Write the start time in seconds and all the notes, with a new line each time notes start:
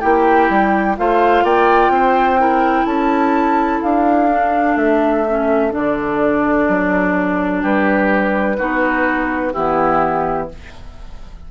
0.00 A#3 E4 G4 G5
0.49 G3
0.96 A3 F4 C5 F5
1.43 A#3 D5 G5
1.89 C4 C5
2.38 E4 A#4
2.85 C#4 A4 A5
3.82 D4 F5
4.31 D4
4.76 A3 E5
5.28 C#4
5.71 D3 D4 D5
6.68 F#3
7.61 G3 G4 B4
8.58 B3 D#4 F#4
9.53 E3 B3 E4 G4